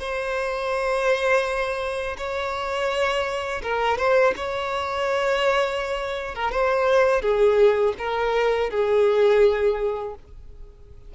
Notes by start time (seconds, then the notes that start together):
0.00 C5
2.18 C#5
3.63 A#4
3.98 C5
4.37 C#5
6.35 A#4
6.52 C5
7.22 G#4
7.98 A#4
8.70 G#4